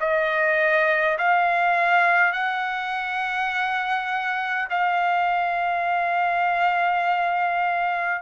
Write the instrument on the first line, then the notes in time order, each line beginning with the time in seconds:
trumpet
0.00 D#5
1.18 F5
2.33 F#5
4.70 F5